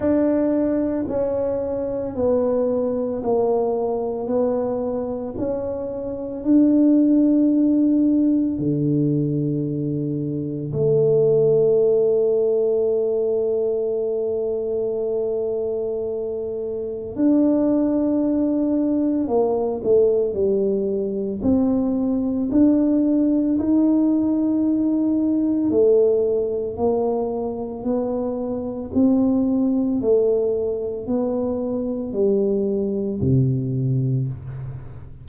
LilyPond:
\new Staff \with { instrumentName = "tuba" } { \time 4/4 \tempo 4 = 56 d'4 cis'4 b4 ais4 | b4 cis'4 d'2 | d2 a2~ | a1 |
d'2 ais8 a8 g4 | c'4 d'4 dis'2 | a4 ais4 b4 c'4 | a4 b4 g4 c4 | }